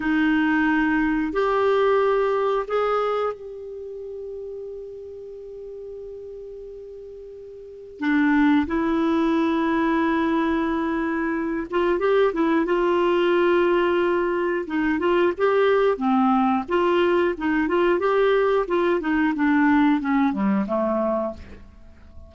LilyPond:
\new Staff \with { instrumentName = "clarinet" } { \time 4/4 \tempo 4 = 90 dis'2 g'2 | gis'4 g'2.~ | g'1 | d'4 e'2.~ |
e'4. f'8 g'8 e'8 f'4~ | f'2 dis'8 f'8 g'4 | c'4 f'4 dis'8 f'8 g'4 | f'8 dis'8 d'4 cis'8 g8 a4 | }